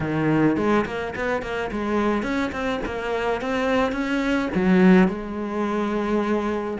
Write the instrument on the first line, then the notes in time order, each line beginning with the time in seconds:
cello
0.00 D#3
0.56 G#3
0.85 A#3
1.15 B3
1.42 A#3
1.71 G#3
2.23 C#4
2.51 C4
2.85 A#3
3.41 C4
3.92 C#4
4.55 F#3
5.08 G#3